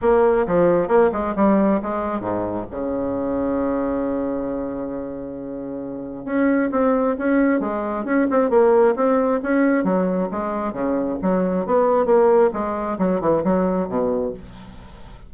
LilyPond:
\new Staff \with { instrumentName = "bassoon" } { \time 4/4 \tempo 4 = 134 ais4 f4 ais8 gis8 g4 | gis4 gis,4 cis2~ | cis1~ | cis2 cis'4 c'4 |
cis'4 gis4 cis'8 c'8 ais4 | c'4 cis'4 fis4 gis4 | cis4 fis4 b4 ais4 | gis4 fis8 e8 fis4 b,4 | }